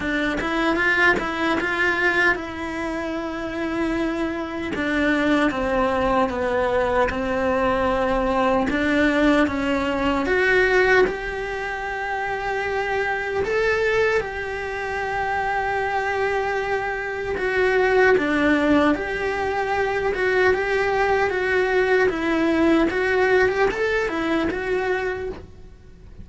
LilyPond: \new Staff \with { instrumentName = "cello" } { \time 4/4 \tempo 4 = 76 d'8 e'8 f'8 e'8 f'4 e'4~ | e'2 d'4 c'4 | b4 c'2 d'4 | cis'4 fis'4 g'2~ |
g'4 a'4 g'2~ | g'2 fis'4 d'4 | g'4. fis'8 g'4 fis'4 | e'4 fis'8. g'16 a'8 e'8 fis'4 | }